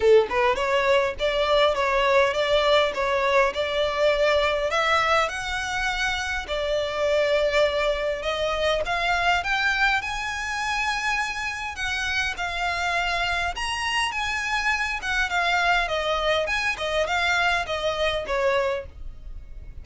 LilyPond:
\new Staff \with { instrumentName = "violin" } { \time 4/4 \tempo 4 = 102 a'8 b'8 cis''4 d''4 cis''4 | d''4 cis''4 d''2 | e''4 fis''2 d''4~ | d''2 dis''4 f''4 |
g''4 gis''2. | fis''4 f''2 ais''4 | gis''4. fis''8 f''4 dis''4 | gis''8 dis''8 f''4 dis''4 cis''4 | }